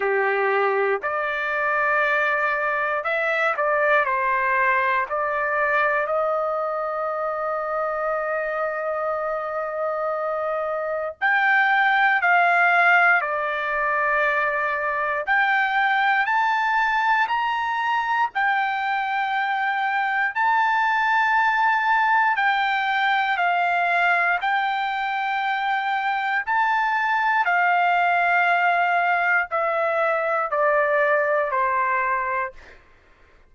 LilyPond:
\new Staff \with { instrumentName = "trumpet" } { \time 4/4 \tempo 4 = 59 g'4 d''2 e''8 d''8 | c''4 d''4 dis''2~ | dis''2. g''4 | f''4 d''2 g''4 |
a''4 ais''4 g''2 | a''2 g''4 f''4 | g''2 a''4 f''4~ | f''4 e''4 d''4 c''4 | }